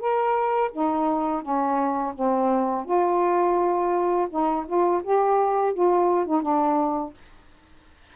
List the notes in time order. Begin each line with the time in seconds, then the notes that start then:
0.00 A#4
0.73 D#4
1.43 C#4
2.15 C4
2.86 F4
4.31 D#4
4.67 F4
5.04 G4
5.74 F4
6.27 D#4
6.43 D4